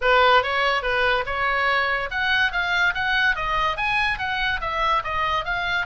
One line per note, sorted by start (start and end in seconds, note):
0.01 0.43 B4
0.43 0.82 C#5
0.82 1.24 B4
1.25 2.09 C#5
2.10 2.52 F#5
2.52 2.94 F5
2.94 3.35 F#5
3.35 3.76 D#5
3.76 4.18 G#5
4.18 4.60 F#5
4.60 5.02 E5
5.04 5.44 D#5
5.44 5.86 F5